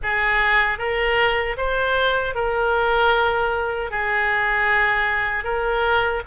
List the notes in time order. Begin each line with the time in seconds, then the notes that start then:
0.02 G#4
0.78 A#4
1.57 C5
2.34 A#4
3.91 G#4
5.44 A#4